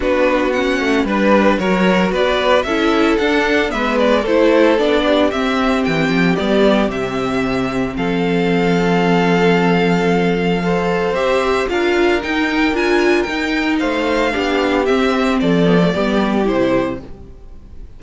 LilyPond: <<
  \new Staff \with { instrumentName = "violin" } { \time 4/4 \tempo 4 = 113 b'4 fis''4 b'4 cis''4 | d''4 e''4 fis''4 e''8 d''8 | c''4 d''4 e''4 g''4 | d''4 e''2 f''4~ |
f''1~ | f''4 e''4 f''4 g''4 | gis''4 g''4 f''2 | e''4 d''2 c''4 | }
  \new Staff \with { instrumentName = "violin" } { \time 4/4 fis'2 b'4 ais'4 | b'4 a'2 b'4 | a'4. g'2~ g'8~ | g'2. a'4~ |
a'1 | c''2 ais'2~ | ais'2 c''4 g'4~ | g'4 a'4 g'2 | }
  \new Staff \with { instrumentName = "viola" } { \time 4/4 d'4 cis'4 d'4 fis'4~ | fis'4 e'4 d'4 b4 | e'4 d'4 c'2 | b4 c'2.~ |
c'1 | a'4 g'4 f'4 dis'4 | f'4 dis'2 d'4 | c'4. b16 a16 b4 e'4 | }
  \new Staff \with { instrumentName = "cello" } { \time 4/4 b4. a8 g4 fis4 | b4 cis'4 d'4 gis4 | a4 b4 c'4 e8 f8 | g4 c2 f4~ |
f1~ | f4 c'4 d'4 dis'4 | d'4 dis'4 a4 b4 | c'4 f4 g4 c4 | }
>>